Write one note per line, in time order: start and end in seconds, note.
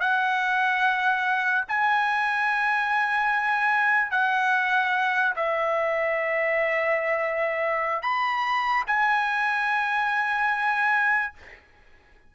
0.00 1.64 F#5
1.68 4.11 G#5
4.11 5.34 F#5
5.36 8.02 E5
8.02 8.84 B5
8.87 11.33 G#5